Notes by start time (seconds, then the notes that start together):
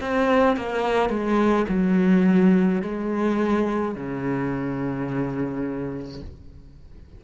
0.00 C4
0.56 A#3
1.09 G#3
1.68 F#3
2.81 G#3
3.95 C#3